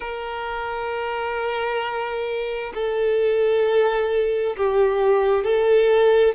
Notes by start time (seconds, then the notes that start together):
0.00 A#4
2.74 A4
4.56 G4
5.43 A4